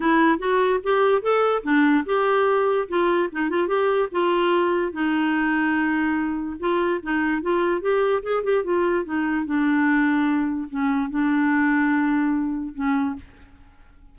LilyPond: \new Staff \with { instrumentName = "clarinet" } { \time 4/4 \tempo 4 = 146 e'4 fis'4 g'4 a'4 | d'4 g'2 f'4 | dis'8 f'8 g'4 f'2 | dis'1 |
f'4 dis'4 f'4 g'4 | gis'8 g'8 f'4 dis'4 d'4~ | d'2 cis'4 d'4~ | d'2. cis'4 | }